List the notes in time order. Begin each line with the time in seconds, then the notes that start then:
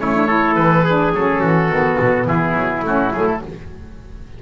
0.00 A3 C#4 E4 C#5
0.14 D4
0.27 E4 A4
0.55 E3 B4
0.84 D4 G#4
1.13 F#3 C#4 A4
1.41 E3 F#4
1.69 D#3 B3
2.00 B2
2.26 E3 E4 G#4
2.54 F#3
2.82 A3 C#4 F#4
3.12 F#3 A3 G#4
3.26 A4